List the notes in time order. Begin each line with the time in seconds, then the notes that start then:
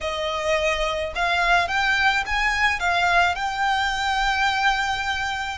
0.01 D#5
1.15 F5
1.67 G5
2.26 G#5
2.79 F5
3.35 G5